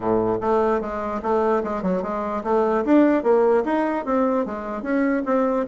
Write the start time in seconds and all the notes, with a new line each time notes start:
0.00 A2
0.40 A3
0.80 G#3
1.22 A3
1.63 G#3
1.82 F#3
2.02 G#3
2.43 A3
2.85 D4
3.23 A#3
3.64 D#4
4.05 C4
4.45 G#3
4.82 C#4
5.25 C4